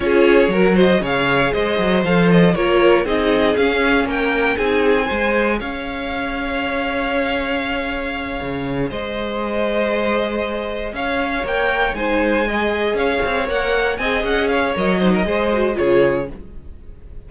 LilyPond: <<
  \new Staff \with { instrumentName = "violin" } { \time 4/4 \tempo 4 = 118 cis''4. dis''8 f''4 dis''4 | f''8 dis''8 cis''4 dis''4 f''4 | g''4 gis''2 f''4~ | f''1~ |
f''4. dis''2~ dis''8~ | dis''4. f''4 g''4 gis''8~ | gis''4. f''4 fis''4 gis''8 | fis''8 f''8 dis''2 cis''4 | }
  \new Staff \with { instrumentName = "violin" } { \time 4/4 gis'4 ais'8 c''8 cis''4 c''4~ | c''4 ais'4 gis'2 | ais'4 gis'4 c''4 cis''4~ | cis''1~ |
cis''4. c''2~ c''8~ | c''4. cis''2 c''8~ | c''8 dis''4 cis''2 dis''8~ | dis''8 cis''4 c''16 ais'16 c''4 gis'4 | }
  \new Staff \with { instrumentName = "viola" } { \time 4/4 f'4 fis'4 gis'2 | a'4 f'4 dis'4 cis'4~ | cis'4 dis'4 gis'2~ | gis'1~ |
gis'1~ | gis'2~ gis'8 ais'4 dis'8~ | dis'8 gis'2 ais'4 gis'8~ | gis'4 ais'8 dis'8 gis'8 fis'8 f'4 | }
  \new Staff \with { instrumentName = "cello" } { \time 4/4 cis'4 fis4 cis4 gis8 fis8 | f4 ais4 c'4 cis'4 | ais4 c'4 gis4 cis'4~ | cis'1~ |
cis'8 cis4 gis2~ gis8~ | gis4. cis'4 ais4 gis8~ | gis4. cis'8 c'8 ais4 c'8 | cis'4 fis4 gis4 cis4 | }
>>